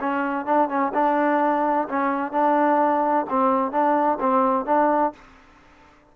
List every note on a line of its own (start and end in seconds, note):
0.00 0.45 C#4
0.45 0.69 D4
0.69 0.92 C#4
0.94 1.88 D4
1.89 2.32 C#4
2.32 3.26 D4
3.29 3.71 C4
3.71 4.18 D4
4.20 4.66 C4
4.66 5.13 D4